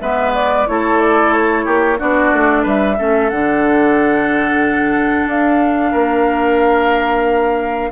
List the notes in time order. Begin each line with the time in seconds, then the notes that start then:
0.00 G#3 B3 B4 E5
0.34 D5
0.67 A3 E4 A4 C#5
1.00 D5
1.33 C#5
1.65 A#3 G4
1.98 B3 D4 F#4 D5
2.33 A3
2.63 G3 B4 E5
2.98 A3 C#4 A4
3.30 D3 D4 F#5
5.27 D4 F5
5.91 A#3 A#4